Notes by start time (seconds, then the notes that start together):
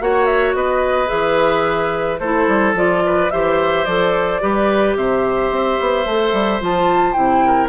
0.00 A#3 F#4 C#5 F#5
0.25 E5
0.54 B3 B4 D#5
1.07 E3 G#4 E5
2.19 A3 E4 A4 C5
2.47 G3
2.74 F3 F4 D5
3.06 B4
3.30 E3 G4 C5 E5
3.85 F3 A4 D5
4.40 G3 G4 B4
4.96 C3 C5 E5
5.50 C4
5.80 B3
6.05 A3 A4
6.32 G3
6.61 F3 F4 A5
7.12 C3 E4 G5
7.46 A#4